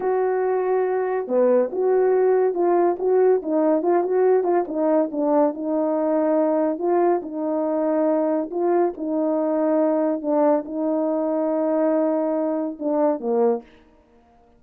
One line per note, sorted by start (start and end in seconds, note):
0.00 1.27 F#4
1.27 1.70 B3
1.72 2.54 F#4
2.54 2.96 F4
2.99 3.41 F#4
3.42 3.82 D#4
3.82 4.03 F4
4.03 4.43 F#4
4.43 4.64 F4
4.67 5.09 D#4
5.11 5.54 D4
5.54 6.78 D#4
6.78 7.21 F4
7.22 8.50 D#4
8.50 8.93 F4
8.97 10.21 D#4
10.21 10.64 D4
10.65 12.78 D#4
12.79 13.20 D4
13.20 13.62 A#3